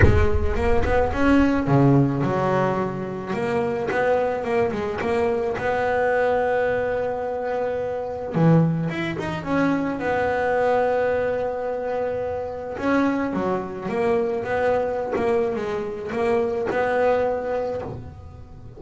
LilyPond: \new Staff \with { instrumentName = "double bass" } { \time 4/4 \tempo 4 = 108 gis4 ais8 b8 cis'4 cis4 | fis2 ais4 b4 | ais8 gis8 ais4 b2~ | b2. e4 |
e'8 dis'8 cis'4 b2~ | b2. cis'4 | fis4 ais4 b4~ b16 ais8. | gis4 ais4 b2 | }